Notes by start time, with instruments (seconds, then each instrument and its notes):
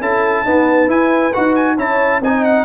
0.00 tuba C#4, trombone E4, horn A4, trumpet A5
0.45 trombone B3, tuba D#4, horn B4
0.87 trombone E4, tuba E4, trumpet G#5
1.33 tuba D#4, trombone F#4, trumpet F#5
1.55 trumpet G#5
1.76 tuba C#4, trombone E4, horn C#5, trumpet A5
2.20 tuba C4, trombone D#4, horn D#5, trumpet G#5
2.44 trumpet F#5